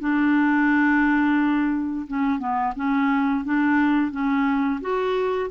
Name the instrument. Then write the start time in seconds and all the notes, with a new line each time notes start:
clarinet
0.00 D4
2.08 C#4
2.39 B3
2.76 C#4
3.45 D4
4.12 C#4
4.82 F#4